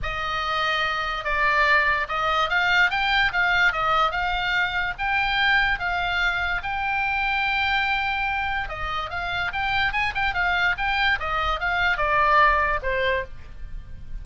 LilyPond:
\new Staff \with { instrumentName = "oboe" } { \time 4/4 \tempo 4 = 145 dis''2. d''4~ | d''4 dis''4 f''4 g''4 | f''4 dis''4 f''2 | g''2 f''2 |
g''1~ | g''4 dis''4 f''4 g''4 | gis''8 g''8 f''4 g''4 dis''4 | f''4 d''2 c''4 | }